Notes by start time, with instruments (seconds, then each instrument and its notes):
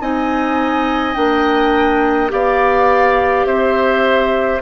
0.00 bassoon C4, clarinet D#4, oboe D#5, flute G#5
1.14 bassoon A#3, clarinet D4, flute G5
2.29 bassoon B3, clarinet G4, oboe D5, flute F5
3.45 bassoon C4, oboe C5, flute E5